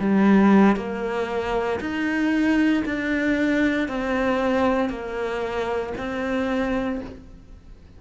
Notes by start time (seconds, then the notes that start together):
0.00 G3
0.76 A#3
1.80 D#4
2.85 D4
3.88 C4
4.89 A#3
5.98 C4